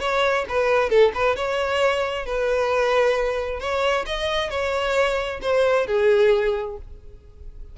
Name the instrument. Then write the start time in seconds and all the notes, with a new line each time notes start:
violin
0.00 C#5
0.49 B4
0.89 A4
1.14 B4
1.36 C#5
2.26 B4
3.60 C#5
4.06 D#5
4.50 C#5
5.42 C5
5.87 G#4